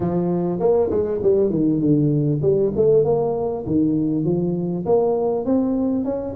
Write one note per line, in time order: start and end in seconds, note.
0.00 0.59 F3
0.59 0.90 A#3
0.90 1.20 G#3
1.22 1.50 G3
1.50 1.80 D#3
1.80 2.40 D3
2.42 2.72 G3
2.76 3.04 A3
3.04 3.64 A#3
3.66 4.24 D#3
4.24 4.85 F3
4.85 5.45 A#3
5.45 6.04 C4
6.04 6.34 C#4